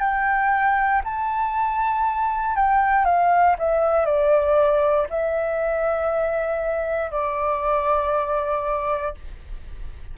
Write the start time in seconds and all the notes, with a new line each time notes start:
0.00 G5
1.04 A5
2.56 G5
3.05 F5
3.59 E5
4.05 D5
5.10 E5
7.11 D5